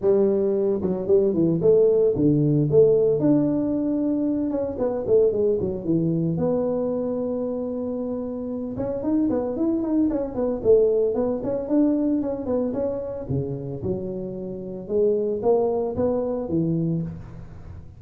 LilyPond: \new Staff \with { instrumentName = "tuba" } { \time 4/4 \tempo 4 = 113 g4. fis8 g8 e8 a4 | d4 a4 d'2~ | d'8 cis'8 b8 a8 gis8 fis8 e4 | b1~ |
b8 cis'8 dis'8 b8 e'8 dis'8 cis'8 b8 | a4 b8 cis'8 d'4 cis'8 b8 | cis'4 cis4 fis2 | gis4 ais4 b4 e4 | }